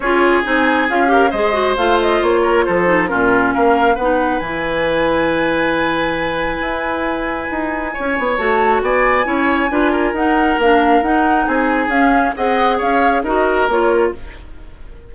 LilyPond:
<<
  \new Staff \with { instrumentName = "flute" } { \time 4/4 \tempo 4 = 136 cis''4 gis''4 f''4 dis''4 | f''8 dis''8 cis''4 c''4 ais'4 | f''4 fis''4 gis''2~ | gis''1~ |
gis''2. a''4 | gis''2. fis''4 | f''4 fis''4 gis''4 f''4 | fis''4 f''4 dis''4 cis''4 | }
  \new Staff \with { instrumentName = "oboe" } { \time 4/4 gis'2~ gis'8 ais'8 c''4~ | c''4. ais'8 a'4 f'4 | ais'4 b'2.~ | b'1~ |
b'2 cis''2 | d''4 cis''4 b'8 ais'4.~ | ais'2 gis'2 | dis''4 cis''4 ais'2 | }
  \new Staff \with { instrumentName = "clarinet" } { \time 4/4 f'4 dis'4 f'8 g'8 gis'8 fis'8 | f'2~ f'8 dis'8 cis'4~ | cis'4 dis'4 e'2~ | e'1~ |
e'2. fis'4~ | fis'4 e'4 f'4 dis'4 | d'4 dis'2 cis'4 | gis'2 fis'4 f'4 | }
  \new Staff \with { instrumentName = "bassoon" } { \time 4/4 cis'4 c'4 cis'4 gis4 | a4 ais4 f4 ais,4 | ais4 b4 e2~ | e2. e'4~ |
e'4 dis'4 cis'8 b8 a4 | b4 cis'4 d'4 dis'4 | ais4 dis'4 c'4 cis'4 | c'4 cis'4 dis'4 ais4 | }
>>